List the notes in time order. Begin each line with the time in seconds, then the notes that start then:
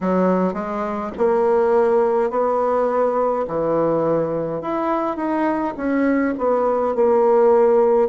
0.01 F#3
0.53 G#3
1.17 A#3
2.30 B3
3.47 E3
4.61 E4
5.16 D#4
5.76 C#4
6.38 B3
6.95 A#3